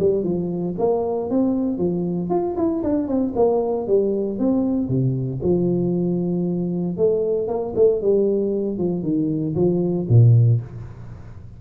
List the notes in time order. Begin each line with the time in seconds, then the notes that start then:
0.00 G3
0.24 F3
0.79 A#3
1.30 C4
1.78 F3
2.30 F4
2.57 E4
2.84 D4
3.08 C4
3.36 A#3
3.88 G3
4.39 C4
4.89 C3
5.43 F3
6.98 A3
7.48 A#3
7.76 A3
8.02 G3
8.79 F3
9.04 D#3
9.56 F3
10.10 A#2